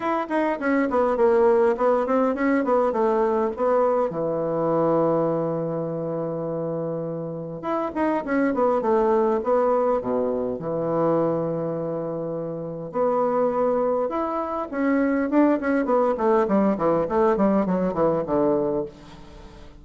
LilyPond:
\new Staff \with { instrumentName = "bassoon" } { \time 4/4 \tempo 4 = 102 e'8 dis'8 cis'8 b8 ais4 b8 c'8 | cis'8 b8 a4 b4 e4~ | e1~ | e4 e'8 dis'8 cis'8 b8 a4 |
b4 b,4 e2~ | e2 b2 | e'4 cis'4 d'8 cis'8 b8 a8 | g8 e8 a8 g8 fis8 e8 d4 | }